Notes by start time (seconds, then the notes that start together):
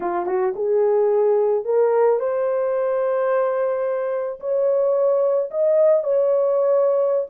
0.00 F4
0.26 F#4
0.55 G#4
1.65 A#4
2.19 C5
4.40 C#5
5.50 D#5
6.03 C#5